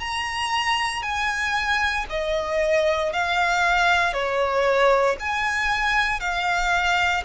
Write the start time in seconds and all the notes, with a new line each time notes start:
0.00 A#5
1.02 G#5
2.09 D#5
3.12 F5
4.13 C#5
5.20 G#5
6.20 F5